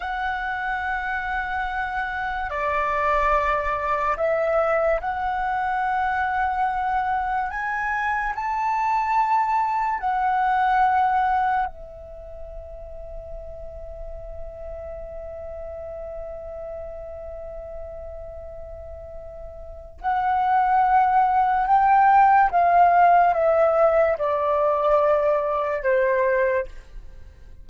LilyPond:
\new Staff \with { instrumentName = "flute" } { \time 4/4 \tempo 4 = 72 fis''2. d''4~ | d''4 e''4 fis''2~ | fis''4 gis''4 a''2 | fis''2 e''2~ |
e''1~ | e''1 | fis''2 g''4 f''4 | e''4 d''2 c''4 | }